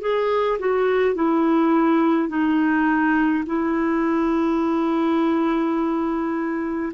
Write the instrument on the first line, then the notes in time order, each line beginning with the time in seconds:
clarinet
0.00 G#4
0.59 F#4
1.15 E4
2.28 D#4
3.46 E4